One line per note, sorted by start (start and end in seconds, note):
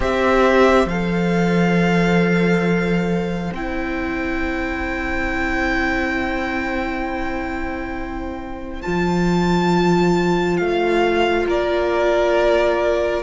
0.00 0.85 C4
0.00 0.88 G4
0.00 11.46 C5
0.00 0.88 E5
0.85 3.50 F3
0.85 3.54 A4
0.85 3.53 F5
3.52 8.82 C4
3.52 8.82 E4
3.52 8.82 G5
8.82 10.60 F3
8.82 13.22 F4
8.82 10.57 A5
10.57 11.46 A3
10.57 11.45 F5
11.46 13.22 A#3
11.46 13.22 A#4
11.46 13.22 D5